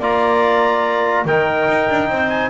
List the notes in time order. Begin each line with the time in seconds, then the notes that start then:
0.00 A#3 F4 D5 A#5
1.25 D#3 D#4 A#4 G5
1.68 D#4
1.90 D4
2.09 C4 C5
2.29 G#5